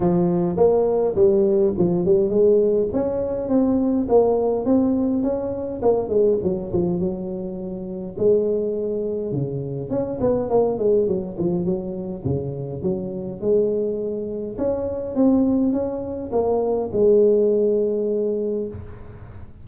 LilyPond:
\new Staff \with { instrumentName = "tuba" } { \time 4/4 \tempo 4 = 103 f4 ais4 g4 f8 g8 | gis4 cis'4 c'4 ais4 | c'4 cis'4 ais8 gis8 fis8 f8 | fis2 gis2 |
cis4 cis'8 b8 ais8 gis8 fis8 f8 | fis4 cis4 fis4 gis4~ | gis4 cis'4 c'4 cis'4 | ais4 gis2. | }